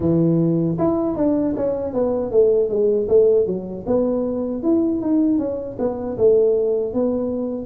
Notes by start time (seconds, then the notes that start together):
0.00 E3
0.78 E4
1.16 D4
1.56 C#4
1.93 B3
2.31 A3
2.69 G#3
3.08 A3
3.46 F#3
3.86 B3
4.62 E4
5.01 D#4
5.38 C#4
5.79 B3
6.17 A3
6.93 B3